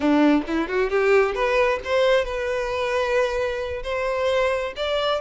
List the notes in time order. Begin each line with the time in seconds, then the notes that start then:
0.00 D4
0.47 E4
0.68 F#4
0.90 G4
1.34 B4
1.84 C5
2.24 B4
3.83 C5
4.76 D5